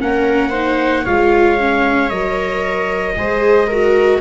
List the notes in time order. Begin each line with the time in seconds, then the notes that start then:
0.00 A#3 C#4 A#4 F#5
0.51 D#4 C5
1.04 G#3 F4 C#5 F5
1.59 C#4
2.10 F#3 A#4 D#5
3.16 G#3 G#4 C5
3.67 F#4 A#4